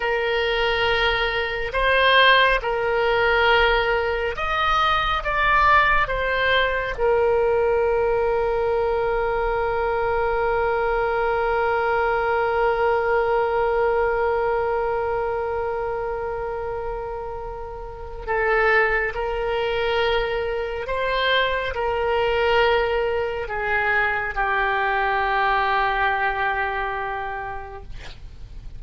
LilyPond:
\new Staff \with { instrumentName = "oboe" } { \time 4/4 \tempo 4 = 69 ais'2 c''4 ais'4~ | ais'4 dis''4 d''4 c''4 | ais'1~ | ais'1~ |
ais'1~ | ais'4 a'4 ais'2 | c''4 ais'2 gis'4 | g'1 | }